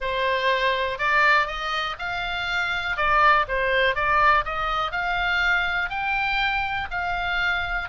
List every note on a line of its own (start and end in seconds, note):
0.00 0.98 C5
0.98 1.46 D5
1.46 1.96 D#5
1.98 2.96 F5
2.96 3.45 D5
3.47 3.95 C5
3.95 4.44 D5
4.44 4.91 D#5
4.91 5.89 F5
5.89 6.87 G5
6.90 7.89 F5